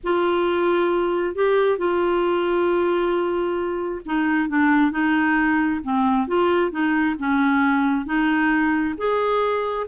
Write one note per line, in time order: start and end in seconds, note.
0.03 1.35 F4
1.35 1.77 G4
1.77 4.01 F4
4.05 4.48 D#4
4.48 4.91 D4
4.91 5.80 D#4
5.83 6.27 C4
6.27 6.71 F4
6.71 7.15 D#4
7.18 8.05 C#4
8.05 8.95 D#4
8.97 9.86 G#4